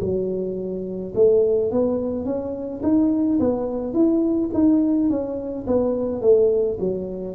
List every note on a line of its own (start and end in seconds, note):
0.00 1.13 F#3
1.15 1.71 A3
1.71 2.25 B3
2.25 2.81 C#4
2.83 3.39 D#4
3.40 3.93 B3
3.93 4.50 E4
4.53 5.09 D#4
5.09 5.66 C#4
5.67 6.21 B3
6.21 6.78 A3
6.79 7.35 F#3